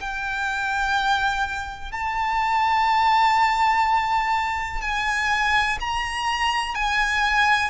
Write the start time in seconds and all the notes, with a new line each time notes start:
0.00 G5
1.92 A5
4.81 G#5
5.80 A#5
6.74 G#5